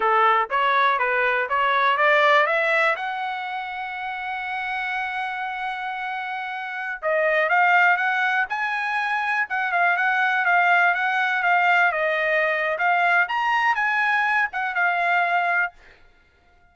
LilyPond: \new Staff \with { instrumentName = "trumpet" } { \time 4/4 \tempo 4 = 122 a'4 cis''4 b'4 cis''4 | d''4 e''4 fis''2~ | fis''1~ | fis''2~ fis''16 dis''4 f''8.~ |
f''16 fis''4 gis''2 fis''8 f''16~ | f''16 fis''4 f''4 fis''4 f''8.~ | f''16 dis''4.~ dis''16 f''4 ais''4 | gis''4. fis''8 f''2 | }